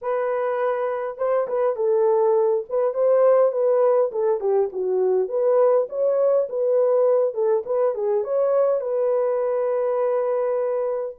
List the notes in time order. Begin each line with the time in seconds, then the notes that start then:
0.01 B4
1.17 C5
1.47 B4
1.76 A4
2.69 B4
2.94 C5
3.51 B4
4.11 A4
4.40 G4
4.72 F#4
5.28 B4
5.89 C#5
6.49 B4
7.33 A4
7.65 B4
7.94 G#4
8.24 C#5
8.80 B4